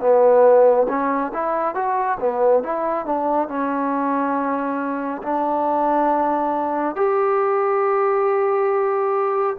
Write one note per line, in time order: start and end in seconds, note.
0.00 0.87 B3
0.89 1.32 C#4
1.34 1.75 E4
1.75 2.18 F#4
2.19 2.63 B3
2.63 3.06 E4
3.06 3.48 D4
3.48 5.22 C#4
5.23 6.96 D4
6.96 9.57 G4